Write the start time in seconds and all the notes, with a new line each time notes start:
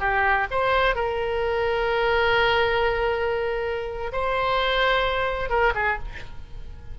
0.00 G4
0.51 C5
0.96 A#4
4.13 C5
5.50 A#4
5.75 G#4